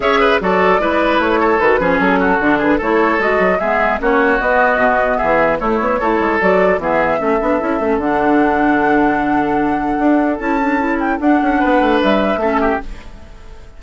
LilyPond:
<<
  \new Staff \with { instrumentName = "flute" } { \time 4/4 \tempo 4 = 150 e''4 d''2 cis''4 | b'4 a'4. b'8 cis''4 | dis''4 e''4 cis''4 dis''4~ | dis''4 e''4 cis''2 |
d''4 e''2. | fis''1~ | fis''2 a''4. g''8 | fis''2 e''2 | }
  \new Staff \with { instrumentName = "oboe" } { \time 4/4 cis''8 b'8 a'4 b'4. a'8~ | a'8 gis'4 fis'4 gis'8 a'4~ | a'4 gis'4 fis'2~ | fis'4 gis'4 e'4 a'4~ |
a'4 gis'4 a'2~ | a'1~ | a'1~ | a'4 b'2 a'8 g'8 | }
  \new Staff \with { instrumentName = "clarinet" } { \time 4/4 gis'4 fis'4 e'2 | fis'8 cis'4. d'4 e'4 | fis'4 b4 cis'4 b4~ | b2 a4 e'4 |
fis'4 b4 cis'8 d'8 e'8 cis'8 | d'1~ | d'2 e'8 d'8 e'4 | d'2. cis'4 | }
  \new Staff \with { instrumentName = "bassoon" } { \time 4/4 cis'4 fis4 gis4 a4 | dis8 f8 fis4 d4 a4 | gis8 fis8 gis4 ais4 b4 | b,4 e4 a8 b8 a8 gis8 |
fis4 e4 a8 b8 cis'8 a8 | d1~ | d4 d'4 cis'2 | d'8 cis'8 b8 a8 g4 a4 | }
>>